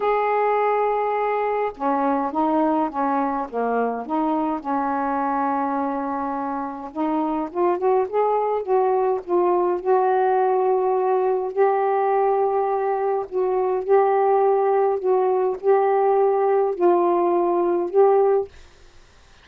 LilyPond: \new Staff \with { instrumentName = "saxophone" } { \time 4/4 \tempo 4 = 104 gis'2. cis'4 | dis'4 cis'4 ais4 dis'4 | cis'1 | dis'4 f'8 fis'8 gis'4 fis'4 |
f'4 fis'2. | g'2. fis'4 | g'2 fis'4 g'4~ | g'4 f'2 g'4 | }